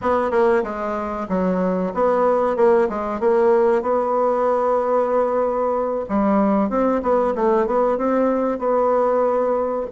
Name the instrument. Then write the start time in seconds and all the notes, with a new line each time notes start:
bassoon
0.01 B3
0.30 A#3
0.63 G#3
1.29 F#3
1.94 B3
2.56 A#3
2.89 G#3
3.19 A#3
3.82 B3
6.08 G3
6.69 C4
7.02 B3
7.35 A3
7.66 B3
7.97 C4
8.58 B3